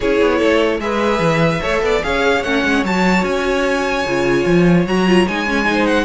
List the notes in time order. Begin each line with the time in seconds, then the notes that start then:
0.00 C#4 E4 G#4 C#5
0.21 B3
0.37 A3 A4
0.79 G#3 G#4 B4 E5
1.19 E3
1.61 A3 A4 C#5
1.81 B3 D5
2.02 C#4 G#4 C#5 F5
2.43 A3 C#4 F#5
2.64 G#3
2.84 F#3 F#4 A5
3.23 C#4 G#5
4.04 C#3 F4
4.45 F3
4.86 F#3 F#4 A#5
5.06 F4
5.27 G#3 D#4 G#5
5.46 C#4
5.64 D#4
5.71 C5
5.86 F#5